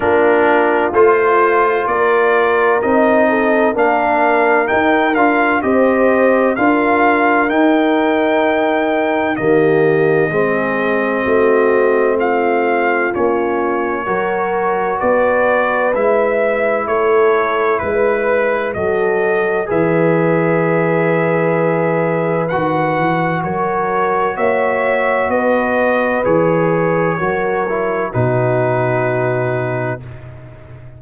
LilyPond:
<<
  \new Staff \with { instrumentName = "trumpet" } { \time 4/4 \tempo 4 = 64 ais'4 c''4 d''4 dis''4 | f''4 g''8 f''8 dis''4 f''4 | g''2 dis''2~ | dis''4 f''4 cis''2 |
d''4 e''4 cis''4 b'4 | dis''4 e''2. | fis''4 cis''4 e''4 dis''4 | cis''2 b'2 | }
  \new Staff \with { instrumentName = "horn" } { \time 4/4 f'2 ais'4. a'8 | ais'2 c''4 ais'4~ | ais'2 g'4 gis'4 | fis'4 f'2 ais'4 |
b'2 a'4 b'4 | a'4 b'2.~ | b'4 ais'4 cis''4 b'4~ | b'4 ais'4 fis'2 | }
  \new Staff \with { instrumentName = "trombone" } { \time 4/4 d'4 f'2 dis'4 | d'4 dis'8 f'8 g'4 f'4 | dis'2 ais4 c'4~ | c'2 cis'4 fis'4~ |
fis'4 e'2. | fis'4 gis'2. | fis'1 | gis'4 fis'8 e'8 dis'2 | }
  \new Staff \with { instrumentName = "tuba" } { \time 4/4 ais4 a4 ais4 c'4 | ais4 dis'8 d'8 c'4 d'4 | dis'2 dis4 gis4 | a2 ais4 fis4 |
b4 gis4 a4 gis4 | fis4 e2. | dis8 e8 fis4 ais4 b4 | e4 fis4 b,2 | }
>>